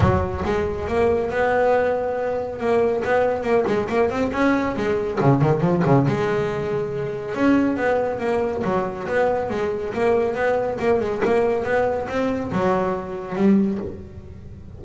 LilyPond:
\new Staff \with { instrumentName = "double bass" } { \time 4/4 \tempo 4 = 139 fis4 gis4 ais4 b4~ | b2 ais4 b4 | ais8 gis8 ais8 c'8 cis'4 gis4 | cis8 dis8 f8 cis8 gis2~ |
gis4 cis'4 b4 ais4 | fis4 b4 gis4 ais4 | b4 ais8 gis8 ais4 b4 | c'4 fis2 g4 | }